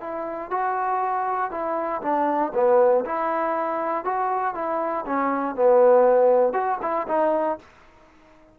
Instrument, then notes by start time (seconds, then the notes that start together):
trombone
0.00 E4
0.50 F#4
1.51 E4
2.02 D4
2.54 B3
3.05 E4
4.04 F#4
4.54 E4
5.06 C#4
5.55 B3
6.53 F#4
6.81 E4
7.08 D#4